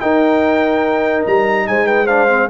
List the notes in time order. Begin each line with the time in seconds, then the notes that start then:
0.00 D#4 A#4 G5
1.26 G3 A#5
1.67 G#3 C5 G#5
1.86 B4 G5
2.04 D4 C5 F5
2.28 C4